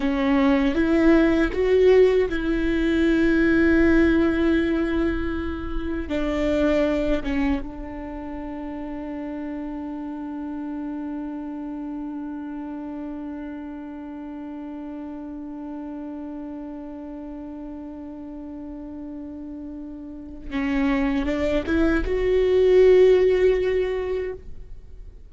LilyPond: \new Staff \with { instrumentName = "viola" } { \time 4/4 \tempo 4 = 79 cis'4 e'4 fis'4 e'4~ | e'1 | d'4. cis'8 d'2~ | d'1~ |
d'1~ | d'1~ | d'2. cis'4 | d'8 e'8 fis'2. | }